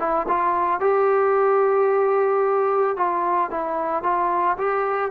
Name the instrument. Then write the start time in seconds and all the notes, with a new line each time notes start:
trombone
0.00 E4
0.29 F4
0.81 G4
2.97 F4
3.51 E4
4.03 F4
4.58 G4